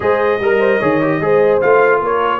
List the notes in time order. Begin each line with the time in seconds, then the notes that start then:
0.00 G#3 G#4 C5 D#5
0.40 G3 A#4
0.59 C5
0.79 D#3 G#4 C#5
1.01 G4
1.20 G#3 G#4 C5
1.60 A3 F4 F5
1.99 A#3 A#4 C#5